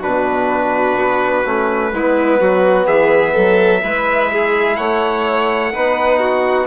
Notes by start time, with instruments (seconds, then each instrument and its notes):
0.00 bassoon B2, trombone D4, violin F#4, trumpet B4
0.97 bassoon B3
1.46 bassoon A3, trombone C#4
1.93 bassoon G#3, trombone B3, violin E4
2.41 bassoon F#3, violin F#4
2.87 bassoon E3, violin G#4, trumpet E5
3.34 bassoon F#3, violin A4
3.83 bassoon G#3, trombone E4, violin B4
4.33 violin G#4
4.76 bassoon A3, violin C#5, trumpet F#5
5.74 bassoon B3, trombone D#4, violin B4
6.20 violin F#4